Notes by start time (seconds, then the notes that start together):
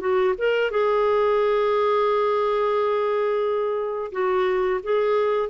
0.00 F#4
0.38 A#4
0.71 G#4
4.12 F#4
4.83 G#4